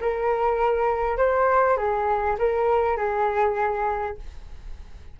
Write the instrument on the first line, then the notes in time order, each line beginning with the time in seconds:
flute
0.00 A#4
1.17 C5
1.77 G#4
2.38 A#4
2.96 G#4